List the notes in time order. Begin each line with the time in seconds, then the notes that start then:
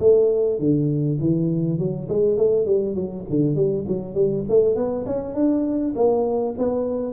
0.00 A3
0.59 D3
1.20 E3
1.79 F#3
2.09 G#3
2.37 A3
2.66 G3
2.95 F#3
3.30 D3
3.56 G3
3.88 F#3
4.14 G3
4.49 A3
4.76 B3
5.06 C#4
5.35 D4
5.96 A#3
6.58 B3